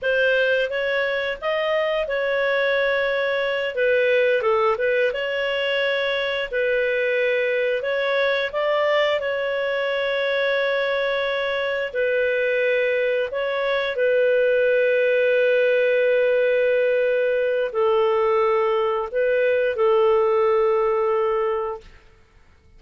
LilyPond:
\new Staff \with { instrumentName = "clarinet" } { \time 4/4 \tempo 4 = 88 c''4 cis''4 dis''4 cis''4~ | cis''4. b'4 a'8 b'8 cis''8~ | cis''4. b'2 cis''8~ | cis''8 d''4 cis''2~ cis''8~ |
cis''4. b'2 cis''8~ | cis''8 b'2.~ b'8~ | b'2 a'2 | b'4 a'2. | }